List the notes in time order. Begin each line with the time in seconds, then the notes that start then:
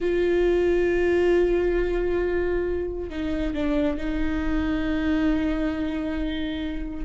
0.00 F4
3.09 D#4
3.54 D4
3.97 D#4